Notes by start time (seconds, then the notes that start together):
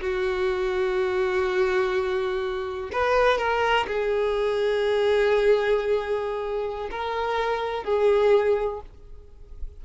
0.00 F#4
2.92 B4
3.38 A#4
3.87 G#4
6.90 A#4
7.84 G#4